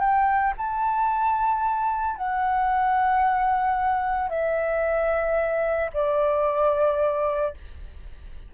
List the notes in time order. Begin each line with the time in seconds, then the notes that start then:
0.00 G5
0.58 A5
2.17 F#5
4.30 E5
5.94 D5